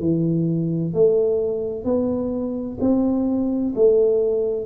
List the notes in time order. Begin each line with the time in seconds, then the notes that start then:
0.00 E3
0.94 A3
1.85 B3
2.80 C4
3.75 A3